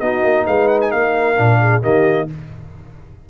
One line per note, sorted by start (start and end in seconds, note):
0.00 0.24 B3
0.00 1.36 D#4
0.00 0.47 F#4
0.00 0.46 D#5
0.24 0.47 A#3
0.47 0.94 G#3
0.47 0.92 B4
0.47 0.68 F5
0.68 0.79 F#5
0.81 0.91 G#5
0.91 1.39 A#3
0.91 1.60 A#4
0.91 1.83 F5
1.36 1.84 A#2
1.36 1.82 D4
1.61 1.83 G#4
1.82 2.30 D#3
1.82 2.28 A#3
1.82 2.29 G4
1.82 2.29 D#5